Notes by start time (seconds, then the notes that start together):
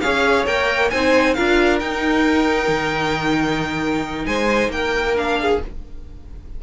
0.00 C#4 G#4 C#5 F5
0.46 A#3 A#4 G5
0.90 C4 D#4 C5 G#5
1.34 D4 F4 A#4 F5
1.79 D#4 G5
2.68 D#3
4.26 G#3 C5 G#5
4.68 A#3 G5
4.75 A#4
5.15 D4 F5
5.40 G#4